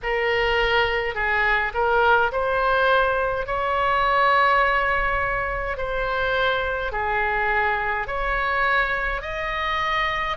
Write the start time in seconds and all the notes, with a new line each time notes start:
0.03 A#4
1.14 G#4
1.74 A#4
2.32 C5
3.46 C#5
5.77 C5
6.92 G#4
8.07 C#5
9.21 D#5